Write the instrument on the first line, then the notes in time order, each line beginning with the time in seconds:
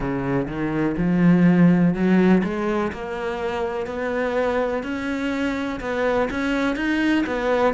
cello
0.00 C#3
0.48 D#3
0.97 F3
1.94 F#3
2.43 G#3
2.92 A#3
3.86 B3
4.83 C#4
5.80 B3
6.30 C#4
6.76 D#4
7.26 B3